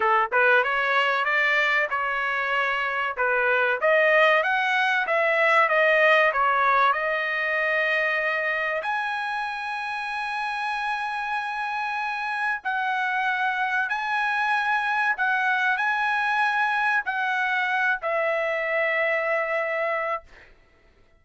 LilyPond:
\new Staff \with { instrumentName = "trumpet" } { \time 4/4 \tempo 4 = 95 a'8 b'8 cis''4 d''4 cis''4~ | cis''4 b'4 dis''4 fis''4 | e''4 dis''4 cis''4 dis''4~ | dis''2 gis''2~ |
gis''1 | fis''2 gis''2 | fis''4 gis''2 fis''4~ | fis''8 e''2.~ e''8 | }